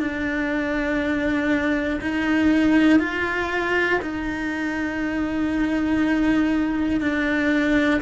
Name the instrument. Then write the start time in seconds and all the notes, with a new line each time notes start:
cello
0.00 D4
2.02 D#4
3.00 F4
4.02 D#4
7.01 D4